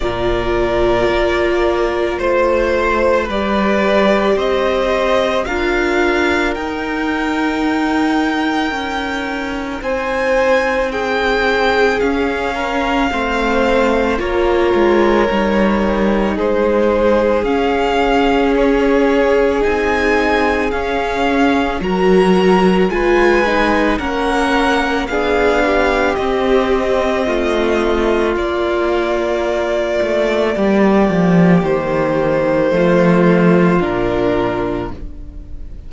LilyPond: <<
  \new Staff \with { instrumentName = "violin" } { \time 4/4 \tempo 4 = 55 d''2 c''4 d''4 | dis''4 f''4 g''2~ | g''4 gis''4 g''4 f''4~ | f''4 cis''2 c''4 |
f''4 cis''4 gis''4 f''4 | ais''4 gis''4 fis''4 f''4 | dis''2 d''2~ | d''4 c''2 ais'4 | }
  \new Staff \with { instrumentName = "violin" } { \time 4/4 ais'2 c''4 b'4 | c''4 ais'2.~ | ais'4 c''4 gis'4. ais'8 | c''4 ais'2 gis'4~ |
gis'1 | ais'4 b'4 ais'4 gis'8 g'8~ | g'4 f'2. | g'2 f'2 | }
  \new Staff \with { instrumentName = "viola" } { \time 4/4 f'2. g'4~ | g'4 f'4 dis'2~ | dis'2. cis'4 | c'4 f'4 dis'2 |
cis'2 dis'4 cis'4 | fis'4 f'8 dis'8 cis'4 d'4 | c'2 ais2~ | ais2 a4 d'4 | }
  \new Staff \with { instrumentName = "cello" } { \time 4/4 ais,4 ais4 a4 g4 | c'4 d'4 dis'2 | cis'4 c'2 cis'4 | a4 ais8 gis8 g4 gis4 |
cis'2 c'4 cis'4 | fis4 gis4 ais4 b4 | c'4 a4 ais4. a8 | g8 f8 dis4 f4 ais,4 | }
>>